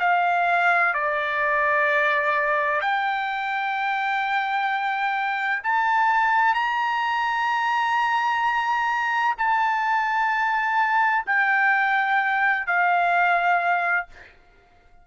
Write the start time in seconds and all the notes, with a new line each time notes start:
0.00 F5
0.94 D5
2.81 G5
5.63 A5
6.54 A#5
9.37 A5
11.26 G5
12.66 F5